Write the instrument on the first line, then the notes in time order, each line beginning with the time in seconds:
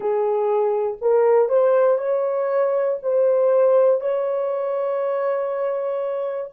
horn
0.00 G#4
1.00 A#4
1.49 C5
1.98 C#5
3.02 C5
4.00 C#5